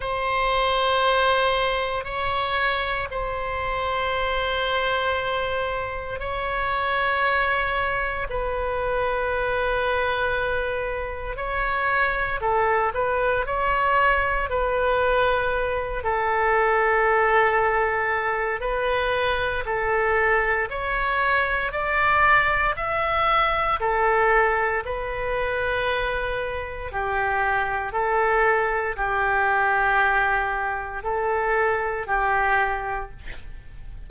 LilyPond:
\new Staff \with { instrumentName = "oboe" } { \time 4/4 \tempo 4 = 58 c''2 cis''4 c''4~ | c''2 cis''2 | b'2. cis''4 | a'8 b'8 cis''4 b'4. a'8~ |
a'2 b'4 a'4 | cis''4 d''4 e''4 a'4 | b'2 g'4 a'4 | g'2 a'4 g'4 | }